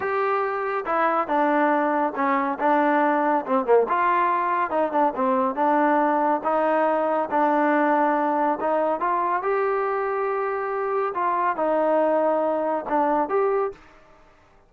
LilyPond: \new Staff \with { instrumentName = "trombone" } { \time 4/4 \tempo 4 = 140 g'2 e'4 d'4~ | d'4 cis'4 d'2 | c'8 ais8 f'2 dis'8 d'8 | c'4 d'2 dis'4~ |
dis'4 d'2. | dis'4 f'4 g'2~ | g'2 f'4 dis'4~ | dis'2 d'4 g'4 | }